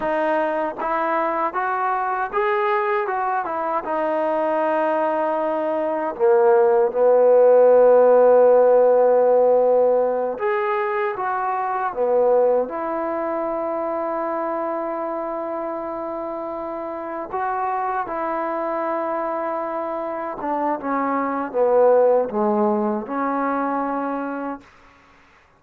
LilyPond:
\new Staff \with { instrumentName = "trombone" } { \time 4/4 \tempo 4 = 78 dis'4 e'4 fis'4 gis'4 | fis'8 e'8 dis'2. | ais4 b2.~ | b4. gis'4 fis'4 b8~ |
b8 e'2.~ e'8~ | e'2~ e'8 fis'4 e'8~ | e'2~ e'8 d'8 cis'4 | b4 gis4 cis'2 | }